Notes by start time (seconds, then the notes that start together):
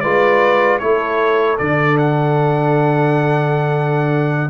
0.00 G#3 F4 B4 D5
0.79 A3 E4 A4 C#5
1.58 D3 D4 D5
1.98 F#5